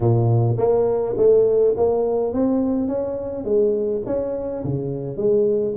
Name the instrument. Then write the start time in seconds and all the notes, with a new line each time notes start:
tuba
0.00 A#2
0.57 A#3
1.17 A3
1.76 A#3
2.33 C4
2.88 C#4
3.44 G#3
4.05 C#4
4.64 C#3
5.17 G#3